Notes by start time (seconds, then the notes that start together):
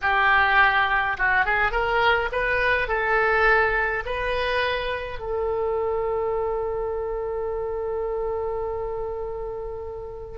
0.01 G4
1.17 F#4
1.45 G#4
1.71 A#4
2.32 B4
2.88 A4
4.05 B4
5.19 A4